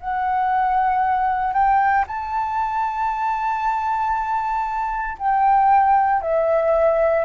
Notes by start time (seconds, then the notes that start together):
0.00 F#5
1.53 G5
2.07 A5
5.18 G5
6.21 E5